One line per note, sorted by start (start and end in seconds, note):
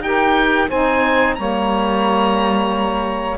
0.00 0.67 D#4
0.00 0.68 G4
0.00 0.70 G5
0.06 0.69 A#4
0.69 1.38 C4
0.69 1.37 D#4
0.69 1.36 C5
0.69 1.35 G#5
1.35 3.38 G3
1.35 3.38 A#3
1.35 3.38 C#5
1.35 3.37 A#5